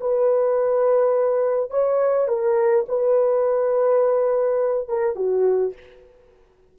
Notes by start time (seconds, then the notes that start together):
0.00 B4
1.70 C#5
2.28 A#4
2.88 B4
4.88 A#4
5.15 F#4